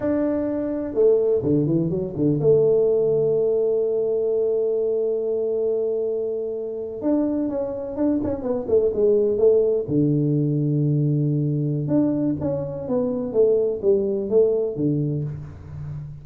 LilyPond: \new Staff \with { instrumentName = "tuba" } { \time 4/4 \tempo 4 = 126 d'2 a4 d8 e8 | fis8 d8 a2.~ | a1~ | a2~ a8. d'4 cis'16~ |
cis'8. d'8 cis'8 b8 a8 gis4 a16~ | a8. d2.~ d16~ | d4 d'4 cis'4 b4 | a4 g4 a4 d4 | }